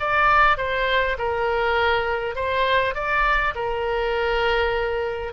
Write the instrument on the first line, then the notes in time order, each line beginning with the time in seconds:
oboe
0.00 D5
0.58 C5
1.19 A#4
2.36 C5
2.95 D5
3.55 A#4